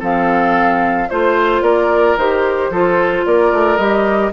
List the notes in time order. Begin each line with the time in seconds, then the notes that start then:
0.00 F3 C4 A4 F5
1.10 A3 F4 C5
1.62 A#3 A#4 D5
2.16 D#3 G4 C5
2.69 F3 F4 A4
3.26 A#3 A#4 D5
3.52 A3
3.77 G3 G4 D#5